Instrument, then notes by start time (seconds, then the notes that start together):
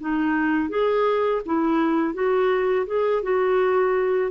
clarinet
0.00 D#4
0.69 G#4
1.46 E4
2.14 F#4
2.87 G#4
3.23 F#4